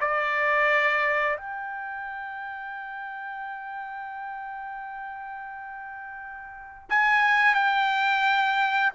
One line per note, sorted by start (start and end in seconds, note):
0.00 1.37 D5
1.37 6.89 G5
6.89 7.54 G#5
7.54 8.92 G5